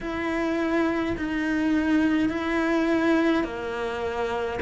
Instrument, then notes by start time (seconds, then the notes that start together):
cello
0.01 E4
1.17 D#4
2.29 E4
3.44 A#3